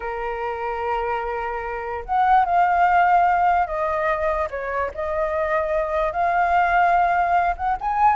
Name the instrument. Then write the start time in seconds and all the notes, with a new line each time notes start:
flute
0.00 A#4
2.05 F#5
2.45 F5
3.66 D#5
4.50 C#5
4.94 D#5
6.12 F5
7.56 F#5
7.80 G#5